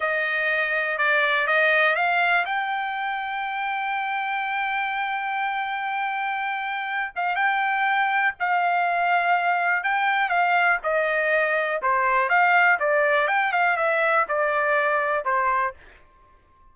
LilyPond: \new Staff \with { instrumentName = "trumpet" } { \time 4/4 \tempo 4 = 122 dis''2 d''4 dis''4 | f''4 g''2.~ | g''1~ | g''2~ g''8 f''8 g''4~ |
g''4 f''2. | g''4 f''4 dis''2 | c''4 f''4 d''4 g''8 f''8 | e''4 d''2 c''4 | }